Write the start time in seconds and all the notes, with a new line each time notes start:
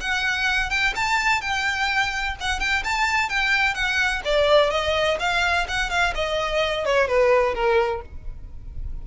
0.00 F#5
0.70 G5
0.95 A5
1.41 G5
2.40 F#5
2.59 G5
2.84 A5
3.29 G5
3.74 F#5
4.24 D5
4.70 D#5
5.19 F5
5.68 F#5
5.90 F5
6.14 D#5
6.85 C#5
7.08 B4
7.54 A#4